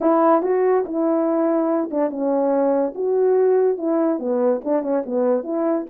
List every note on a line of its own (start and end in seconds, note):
0.01 0.42 E4
0.42 0.84 F#4
0.85 1.90 E4
1.90 2.09 D4
2.09 2.93 C#4
2.94 3.77 F#4
3.77 4.19 E4
4.19 4.61 B3
4.64 4.82 D4
4.82 5.03 C#4
5.06 5.43 B3
5.43 5.85 E4